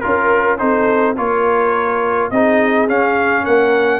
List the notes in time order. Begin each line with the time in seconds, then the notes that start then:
0.00 C#4 F4 A#4
0.58 C4 D#4 A4 C5
1.17 A#3 F4 A#4 C#5
2.30 C4 D#4 G#4 D#5
2.88 C#4 F5
3.42 A#3 A#4 F#5